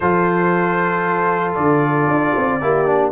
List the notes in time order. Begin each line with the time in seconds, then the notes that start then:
0.00 F3 F4 A4 C5
1.54 D3 D5
2.07 D4
2.36 C4
2.61 A#3 E4 G4
2.86 D4